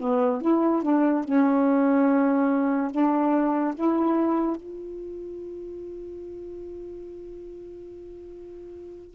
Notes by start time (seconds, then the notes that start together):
0.00 B3
0.42 E4
0.83 D4
1.25 C#4
2.92 D4
3.75 E4
4.57 F4